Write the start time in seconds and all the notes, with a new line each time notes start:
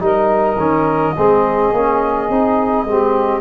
0.00 G3 D#4 A#4 D#5
0.57 D#3 C#4
1.15 G#3 C4 G#4
1.73 A#3 C#4
2.30 C4 D#4
2.84 G#3 C4 G4